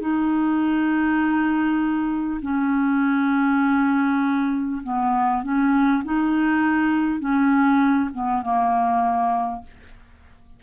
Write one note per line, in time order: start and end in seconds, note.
0.00 2.40 D#4
2.42 4.82 C#4
4.83 5.43 B3
5.43 6.03 C#4
6.04 7.19 D#4
7.19 8.09 C#4
8.14 8.42 B3
8.42 9.62 A#3